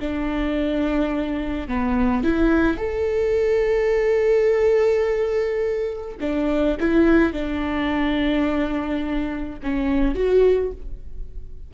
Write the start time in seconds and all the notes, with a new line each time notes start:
0.00 D4
1.69 B3
2.24 E4
2.78 A4
6.21 D4
6.81 E4
7.33 D4
9.63 C#4
10.16 F#4